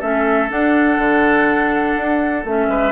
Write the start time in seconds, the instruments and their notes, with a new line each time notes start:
0.00 bassoon A3, clarinet C#4, oboe A4, flute E5
0.49 clarinet D4, bassoon D4, flute F#5
0.98 bassoon D3
1.96 bassoon D4
2.45 bassoon A3, clarinet C#4, flute E5
2.68 bassoon G#3, oboe B4